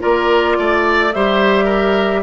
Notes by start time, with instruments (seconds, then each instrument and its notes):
0.00 bassoon A#3, clarinet F4, oboe A#4, flute D5
0.59 bassoon A3, oboe D5
1.13 bassoon G3, clarinet G4, oboe C5, flute E5
1.65 oboe A#4